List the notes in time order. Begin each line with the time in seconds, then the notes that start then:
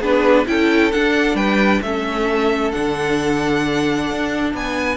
0.00 B3 D4 G#4 B4
0.46 C#4 E4 A4 G5
0.91 D4 F#5
1.34 G3 B4 G5
1.81 A3 C#4 A4 E5
2.71 D3 D4 F#5
4.10 D4
4.53 B3 B4 G#5